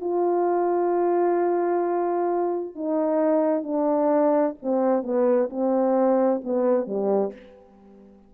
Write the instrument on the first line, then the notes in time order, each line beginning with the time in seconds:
horn
0.00 F4
2.75 D#4
3.63 D4
4.62 C4
5.03 B3
5.50 C4
6.44 B3
6.87 G3